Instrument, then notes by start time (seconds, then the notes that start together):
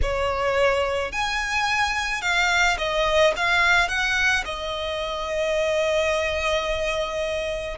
violin
0.02 C#5
1.12 G#5
2.21 F5
2.78 D#5
3.36 F5
3.88 F#5
4.44 D#5